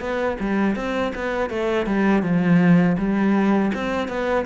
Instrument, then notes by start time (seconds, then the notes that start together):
cello
0.00 B3
0.39 G3
0.75 C4
1.15 B3
1.50 A3
1.86 G3
2.22 F3
2.98 G3
3.74 C4
4.08 B3